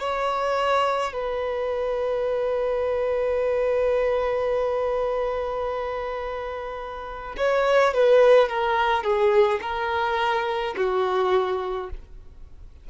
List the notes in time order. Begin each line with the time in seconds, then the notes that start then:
0.00 C#5
1.13 B4
7.37 C#5
7.94 B4
8.49 A#4
9.04 G#4
9.62 A#4
10.77 F#4